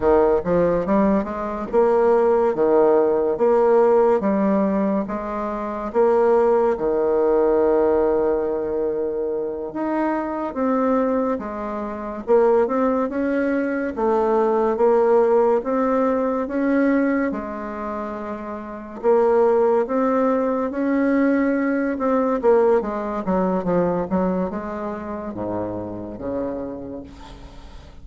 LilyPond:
\new Staff \with { instrumentName = "bassoon" } { \time 4/4 \tempo 4 = 71 dis8 f8 g8 gis8 ais4 dis4 | ais4 g4 gis4 ais4 | dis2.~ dis8 dis'8~ | dis'8 c'4 gis4 ais8 c'8 cis'8~ |
cis'8 a4 ais4 c'4 cis'8~ | cis'8 gis2 ais4 c'8~ | c'8 cis'4. c'8 ais8 gis8 fis8 | f8 fis8 gis4 gis,4 cis4 | }